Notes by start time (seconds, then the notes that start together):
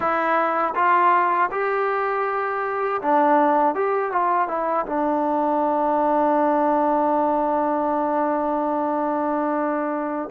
0.00 E4
0.75 F4
1.51 G4
3.01 D4
3.74 G4
4.11 F4
4.48 E4
4.86 D4